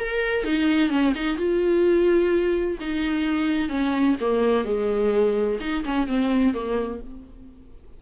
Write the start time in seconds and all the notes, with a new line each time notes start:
0.00 A#4
0.45 D#4
0.90 C#4
1.15 D#4
1.38 F4
2.81 D#4
3.69 C#4
4.21 A#3
4.65 G#3
5.61 D#4
5.85 C#4
6.08 C4
6.54 A#3